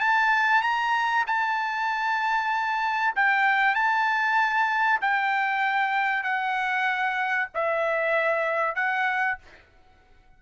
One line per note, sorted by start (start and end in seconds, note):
0.00 0.62 A5
0.62 1.24 A#5
1.27 3.14 A5
3.16 3.75 G5
3.75 5.00 A5
5.01 6.24 G5
6.24 7.49 F#5
7.55 8.76 E5
8.76 9.38 F#5